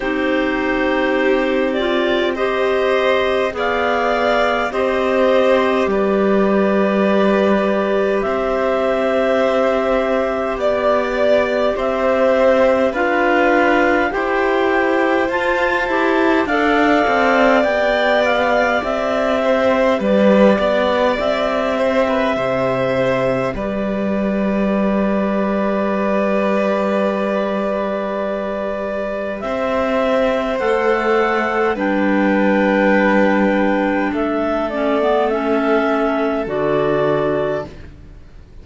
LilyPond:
<<
  \new Staff \with { instrumentName = "clarinet" } { \time 4/4 \tempo 4 = 51 c''4. d''8 dis''4 f''4 | dis''4 d''2 e''4~ | e''4 d''4 e''4 f''4 | g''4 a''4 f''4 g''8 f''8 |
e''4 d''4 e''2 | d''1~ | d''4 e''4 fis''4 g''4~ | g''4 e''8 d''8 e''4 d''4 | }
  \new Staff \with { instrumentName = "violin" } { \time 4/4 g'2 c''4 d''4 | c''4 b'2 c''4~ | c''4 d''4 c''4 b'4 | c''2 d''2~ |
d''8 c''8 b'8 d''4 c''16 b'16 c''4 | b'1~ | b'4 c''2 b'4~ | b'4 a'2. | }
  \new Staff \with { instrumentName = "clarinet" } { \time 4/4 dis'4. f'8 g'4 gis'4 | g'1~ | g'2. f'4 | g'4 f'8 g'8 a'4 g'4~ |
g'1~ | g'1~ | g'2 a'4 d'4~ | d'4. cis'16 b16 cis'4 fis'4 | }
  \new Staff \with { instrumentName = "cello" } { \time 4/4 c'2. b4 | c'4 g2 c'4~ | c'4 b4 c'4 d'4 | e'4 f'8 e'8 d'8 c'8 b4 |
c'4 g8 b8 c'4 c4 | g1~ | g4 c'4 a4 g4~ | g4 a2 d4 | }
>>